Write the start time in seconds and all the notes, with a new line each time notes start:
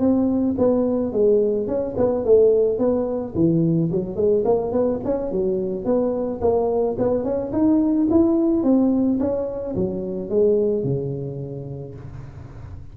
0.00 C4
0.59 B3
1.13 G#3
1.68 C#4
1.97 B3
2.25 A3
2.79 B3
3.35 E3
3.92 F#3
4.16 G#3
4.45 A#3
4.72 B3
5.05 C#4
5.32 F#3
5.86 B3
6.42 A#3
6.99 B3
7.24 C#4
7.53 D#4
8.11 E4
8.64 C4
9.20 C#4
9.76 F#3
10.30 G#3
10.84 C#3